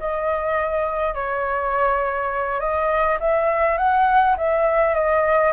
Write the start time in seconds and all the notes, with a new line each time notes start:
0.00 D#5
1.15 C#5
2.60 D#5
3.20 E5
3.78 F#5
4.37 E5
4.95 D#5